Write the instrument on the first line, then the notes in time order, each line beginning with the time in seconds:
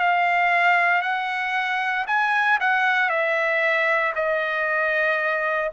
trumpet
0.00 F5
1.02 F#5
2.07 G#5
2.61 F#5
3.10 E5
4.16 D#5